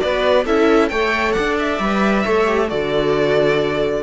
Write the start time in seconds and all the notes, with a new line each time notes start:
0.00 B3 F#4 B4 D5
0.45 C#4 E4 A4 E5
0.88 A3 A4 C#5 G5
1.32 D4 D5 F#5
1.59 E5
1.79 G3 B4
2.24 A3 A4 C#5
2.46 G4
2.68 D3 F#4 A4 D5